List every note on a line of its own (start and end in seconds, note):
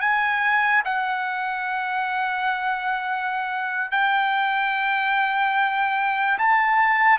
0.00 0.82 G#5
0.84 3.91 F#5
3.91 6.38 G5
6.38 7.18 A5